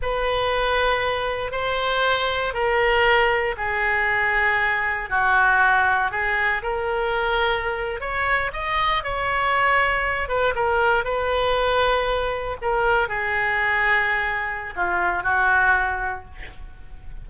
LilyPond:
\new Staff \with { instrumentName = "oboe" } { \time 4/4 \tempo 4 = 118 b'2. c''4~ | c''4 ais'2 gis'4~ | gis'2 fis'2 | gis'4 ais'2~ ais'8. cis''16~ |
cis''8. dis''4 cis''2~ cis''16~ | cis''16 b'8 ais'4 b'2~ b'16~ | b'8. ais'4 gis'2~ gis'16~ | gis'4 f'4 fis'2 | }